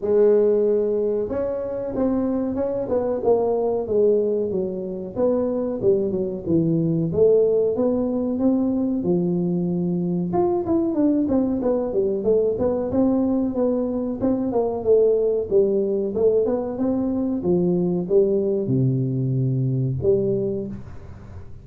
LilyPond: \new Staff \with { instrumentName = "tuba" } { \time 4/4 \tempo 4 = 93 gis2 cis'4 c'4 | cis'8 b8 ais4 gis4 fis4 | b4 g8 fis8 e4 a4 | b4 c'4 f2 |
f'8 e'8 d'8 c'8 b8 g8 a8 b8 | c'4 b4 c'8 ais8 a4 | g4 a8 b8 c'4 f4 | g4 c2 g4 | }